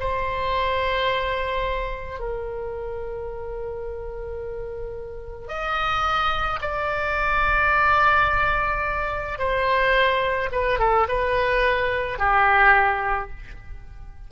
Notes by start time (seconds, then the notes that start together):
0.00 C5
2.20 A#4
5.48 D#5
6.62 D5
9.39 C5
10.52 B4
10.79 A4
11.09 B4
12.19 G4